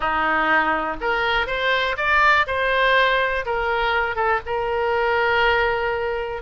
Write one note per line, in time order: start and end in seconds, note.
0.00 0.96 D#4
1.00 1.46 A#4
1.46 1.96 C5
1.97 2.46 D5
2.46 3.45 C5
3.45 4.15 A#4
4.15 4.40 A4
4.46 6.42 A#4